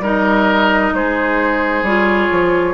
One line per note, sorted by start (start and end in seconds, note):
0.00 0.91 G3
0.00 1.85 D#4
0.00 0.93 A#4
0.00 0.95 D#5
0.94 1.83 G#3
0.94 2.74 G#4
0.94 1.84 C5
1.83 2.28 G3
1.83 2.74 F4
1.83 2.74 C#5
2.31 2.74 F3